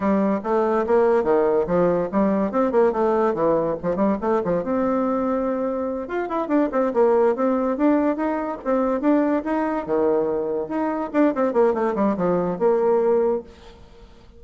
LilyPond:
\new Staff \with { instrumentName = "bassoon" } { \time 4/4 \tempo 4 = 143 g4 a4 ais4 dis4 | f4 g4 c'8 ais8 a4 | e4 f8 g8 a8 f8 c'4~ | c'2~ c'8 f'8 e'8 d'8 |
c'8 ais4 c'4 d'4 dis'8~ | dis'8 c'4 d'4 dis'4 dis8~ | dis4. dis'4 d'8 c'8 ais8 | a8 g8 f4 ais2 | }